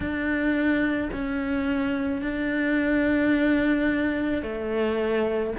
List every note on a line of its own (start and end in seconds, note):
0.00 1.09 D4
1.13 2.21 C#4
2.21 4.42 D4
4.42 5.53 A3